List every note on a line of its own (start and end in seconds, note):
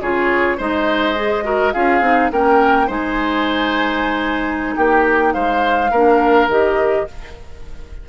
0.00 0.58 C#3
0.00 0.57 F4
0.00 0.57 G#4
0.00 0.59 C#5
0.57 1.74 G#3
0.57 1.15 D#4
0.57 1.44 C5
0.57 1.72 D#5
1.15 1.43 G#4
1.43 1.72 F#4
1.43 1.73 A#4
1.72 2.00 C#4
1.72 2.01 F4
1.72 2.31 G#4
1.72 2.30 F5
2.00 2.29 C4
2.00 2.30 D#4
2.32 2.89 A#3
2.32 2.87 C#4
2.32 2.87 A#4
2.32 2.90 G5
2.87 4.76 G#3
2.87 5.89 D#4
2.87 4.74 C5
2.87 4.76 G#5
4.76 5.34 A#3
4.76 5.33 G4
4.76 5.33 G5
5.33 5.91 G#3
5.33 5.91 C5
5.33 6.48 F5
5.91 6.47 A#3
5.91 6.49 D4
5.91 7.06 A#4
6.47 7.05 D#3
6.47 7.07 G4
6.47 7.08 D#5